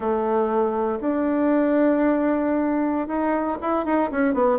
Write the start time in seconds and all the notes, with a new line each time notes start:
0.00 A3
1.00 D4
3.07 D#4
3.61 E4
3.85 D#4
4.11 C#4
4.33 B3